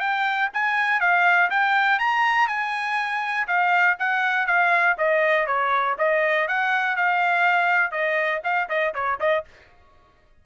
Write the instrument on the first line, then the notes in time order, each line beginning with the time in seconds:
trumpet
0.00 G5
0.54 G#5
1.01 F5
1.51 G5
1.99 A#5
2.48 G#5
3.48 F5
3.99 F#5
4.47 F5
4.98 D#5
5.47 C#5
5.99 D#5
6.48 F#5
6.96 F5
7.92 D#5
8.44 F5
8.69 D#5
8.95 C#5
9.20 D#5